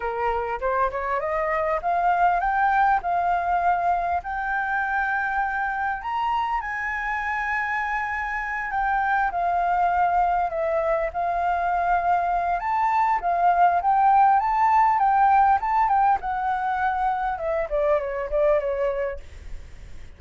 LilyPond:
\new Staff \with { instrumentName = "flute" } { \time 4/4 \tempo 4 = 100 ais'4 c''8 cis''8 dis''4 f''4 | g''4 f''2 g''4~ | g''2 ais''4 gis''4~ | gis''2~ gis''8 g''4 f''8~ |
f''4. e''4 f''4.~ | f''4 a''4 f''4 g''4 | a''4 g''4 a''8 g''8 fis''4~ | fis''4 e''8 d''8 cis''8 d''8 cis''4 | }